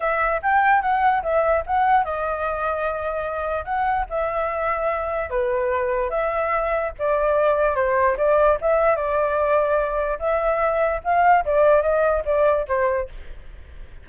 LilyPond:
\new Staff \with { instrumentName = "flute" } { \time 4/4 \tempo 4 = 147 e''4 g''4 fis''4 e''4 | fis''4 dis''2.~ | dis''4 fis''4 e''2~ | e''4 b'2 e''4~ |
e''4 d''2 c''4 | d''4 e''4 d''2~ | d''4 e''2 f''4 | d''4 dis''4 d''4 c''4 | }